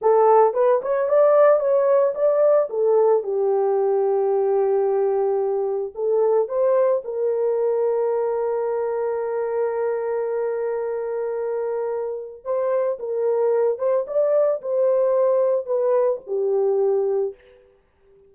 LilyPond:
\new Staff \with { instrumentName = "horn" } { \time 4/4 \tempo 4 = 111 a'4 b'8 cis''8 d''4 cis''4 | d''4 a'4 g'2~ | g'2. a'4 | c''4 ais'2.~ |
ais'1~ | ais'2. c''4 | ais'4. c''8 d''4 c''4~ | c''4 b'4 g'2 | }